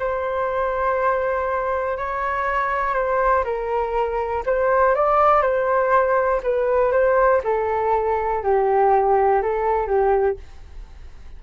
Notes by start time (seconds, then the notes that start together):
0.00 C5
1.98 C#5
2.95 C5
3.45 A#4
4.46 C5
4.95 D5
5.42 C5
6.43 B4
6.92 C5
7.44 A4
8.44 G4
9.43 A4
9.87 G4